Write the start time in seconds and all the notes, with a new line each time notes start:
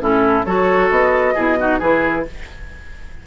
0.00 A2 C#4 E4 A4
0.45 F#3 F#4 A4 C#5
0.90 B3 D#5
1.35 B2 E4 G#4
1.59 D#4 F#4
1.79 E3 E4 G#4 B4